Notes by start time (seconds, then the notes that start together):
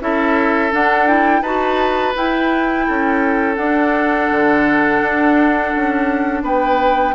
0.00 C#4 E4 A4 E5
0.71 D4 F#5
1.07 E4 G5
1.41 D#4 F#4 B4 A5
2.15 E4 G5
2.87 C#4 A4
3.56 D4 F#5
4.31 D3
5.01 D4
5.76 C#4
6.43 B3 B4 G5